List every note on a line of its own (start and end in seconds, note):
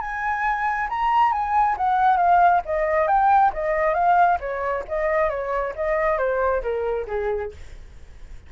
0.00 0.88 G#5
0.89 1.32 A#5
1.32 1.76 G#5
1.77 2.17 F#5
2.17 2.61 F5
2.65 3.08 D#5
3.08 3.52 G5
3.53 3.94 D#5
3.94 4.38 F5
4.40 4.84 C#5
4.88 5.29 D#5
5.29 5.74 C#5
5.75 6.18 D#5
6.18 6.62 C5
6.62 7.06 A#4
7.07 7.51 G#4